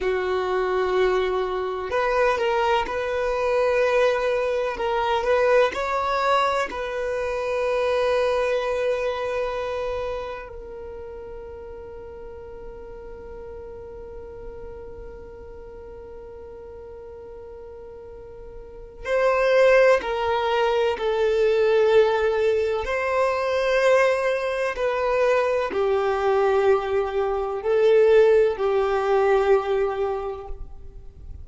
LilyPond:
\new Staff \with { instrumentName = "violin" } { \time 4/4 \tempo 4 = 63 fis'2 b'8 ais'8 b'4~ | b'4 ais'8 b'8 cis''4 b'4~ | b'2. ais'4~ | ais'1~ |
ais'1 | c''4 ais'4 a'2 | c''2 b'4 g'4~ | g'4 a'4 g'2 | }